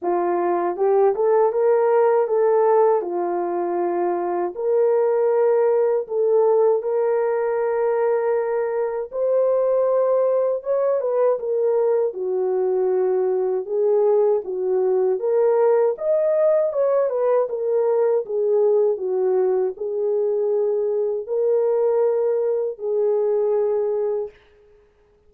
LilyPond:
\new Staff \with { instrumentName = "horn" } { \time 4/4 \tempo 4 = 79 f'4 g'8 a'8 ais'4 a'4 | f'2 ais'2 | a'4 ais'2. | c''2 cis''8 b'8 ais'4 |
fis'2 gis'4 fis'4 | ais'4 dis''4 cis''8 b'8 ais'4 | gis'4 fis'4 gis'2 | ais'2 gis'2 | }